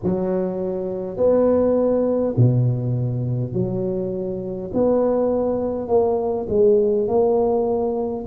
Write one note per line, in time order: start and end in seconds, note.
0.03 1.17 F#3
1.17 2.34 B3
2.36 3.53 B2
3.53 4.71 F#3
4.73 5.88 B3
5.88 6.47 A#3
6.49 7.07 G#3
7.07 8.25 A#3